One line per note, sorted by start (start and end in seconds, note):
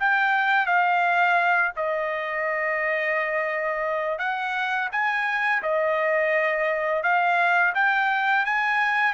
0.00 0.66 G5
0.66 1.72 F5
1.76 4.18 D#5
4.18 4.89 F#5
4.92 5.62 G#5
5.63 7.03 D#5
7.03 7.73 F5
7.75 8.45 G5
8.45 9.13 G#5